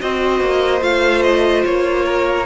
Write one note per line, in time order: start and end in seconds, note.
0.00 0.40 C4
0.00 0.80 F#4
0.00 2.05 C5
0.00 0.83 D#5
0.40 0.82 A#3
0.80 1.64 A3
0.80 2.45 F4
0.80 1.22 F5
1.22 1.64 D#5
1.66 2.46 A#3
1.66 2.46 C#5
2.05 2.46 A#4